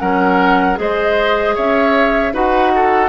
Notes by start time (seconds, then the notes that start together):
0.00 F#3 C#4 A#4 F#5
0.76 G#3 G#4 C5 D#5
1.55 C#4 C#5 E5
2.33 D#4 F#4 B4 F#5
2.75 A4